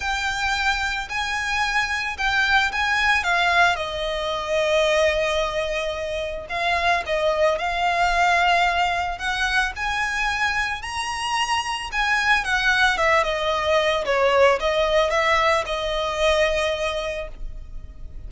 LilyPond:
\new Staff \with { instrumentName = "violin" } { \time 4/4 \tempo 4 = 111 g''2 gis''2 | g''4 gis''4 f''4 dis''4~ | dis''1 | f''4 dis''4 f''2~ |
f''4 fis''4 gis''2 | ais''2 gis''4 fis''4 | e''8 dis''4. cis''4 dis''4 | e''4 dis''2. | }